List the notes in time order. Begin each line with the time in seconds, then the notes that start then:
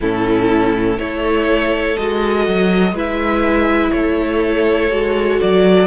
0.00 A2 C#4 E4 A4
0.97 A3 E4 A4 C#5
1.97 G#3 F#4 D#5
2.47 F#3
2.92 G#3 E4 B4
2.98 E5
3.91 A3 A4 C#5
4.90 G#3 F#4
5.41 F#3 D5